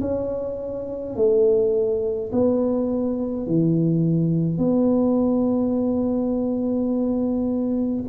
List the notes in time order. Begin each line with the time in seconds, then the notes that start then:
0.00 C#4
1.15 A3
2.32 B3
3.46 E3
4.57 B3